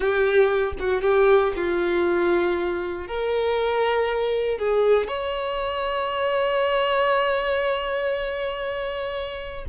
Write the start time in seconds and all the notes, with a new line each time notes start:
0.00 G4
0.79 F#4
1.01 G4
1.56 F4
3.07 A#4
4.58 G#4
5.07 C#5